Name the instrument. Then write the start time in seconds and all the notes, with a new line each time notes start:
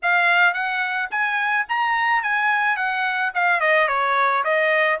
trumpet
0.02 F5
0.53 F#5
1.10 G#5
1.68 A#5
2.22 G#5
2.76 F#5
3.34 F5
3.60 D#5
3.88 C#5
4.43 D#5